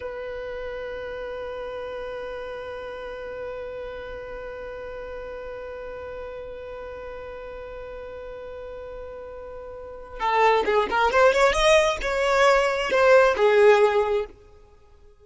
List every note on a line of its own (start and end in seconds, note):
0.00 10.19 B4
10.19 10.64 A4
10.65 10.87 G#4
10.90 11.11 A#4
11.11 11.32 C5
11.32 11.53 C#5
11.53 11.97 D#5
12.01 12.90 C#5
12.91 13.35 C5
13.37 14.25 G#4